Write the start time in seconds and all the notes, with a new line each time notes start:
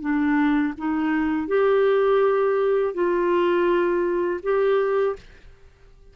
0.00 D4
0.77 D#4
1.47 G4
2.94 F4
4.42 G4